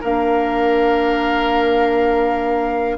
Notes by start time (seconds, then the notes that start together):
0.00 A#3 D4 A#4 F5